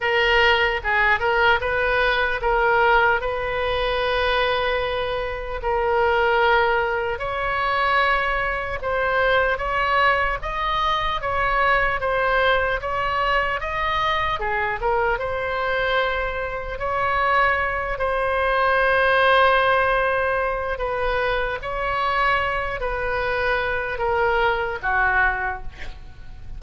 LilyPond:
\new Staff \with { instrumentName = "oboe" } { \time 4/4 \tempo 4 = 75 ais'4 gis'8 ais'8 b'4 ais'4 | b'2. ais'4~ | ais'4 cis''2 c''4 | cis''4 dis''4 cis''4 c''4 |
cis''4 dis''4 gis'8 ais'8 c''4~ | c''4 cis''4. c''4.~ | c''2 b'4 cis''4~ | cis''8 b'4. ais'4 fis'4 | }